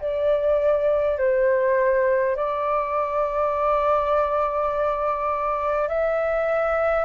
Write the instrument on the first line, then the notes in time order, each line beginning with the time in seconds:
flute
0.00 D5
1.18 C5
2.36 D5
5.88 E5